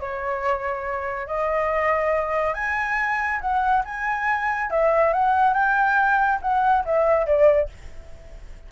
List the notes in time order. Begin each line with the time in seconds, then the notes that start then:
0.00 C#5
1.27 D#5
2.54 G#5
3.41 F#5
3.85 G#5
4.70 E5
5.13 F#5
5.54 G5
6.41 F#5
6.85 E5
7.26 D5